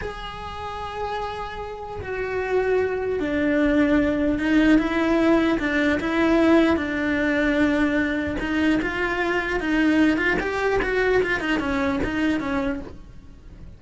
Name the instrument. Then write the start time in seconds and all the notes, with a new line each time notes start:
cello
0.01 G#4
2.01 F#4
3.19 D4
4.38 D#4
4.78 E4
5.59 D4
6.00 E4
6.76 D4
8.39 D#4
8.82 F4
9.59 D#4
10.17 F4
10.40 G4
10.82 F#4
11.22 F4
11.39 D#4
11.59 C#4
12.03 D#4
12.39 C#4